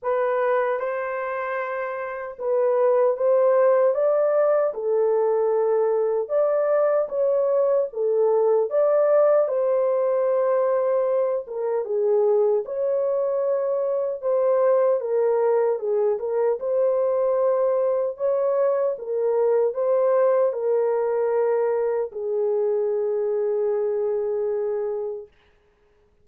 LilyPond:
\new Staff \with { instrumentName = "horn" } { \time 4/4 \tempo 4 = 76 b'4 c''2 b'4 | c''4 d''4 a'2 | d''4 cis''4 a'4 d''4 | c''2~ c''8 ais'8 gis'4 |
cis''2 c''4 ais'4 | gis'8 ais'8 c''2 cis''4 | ais'4 c''4 ais'2 | gis'1 | }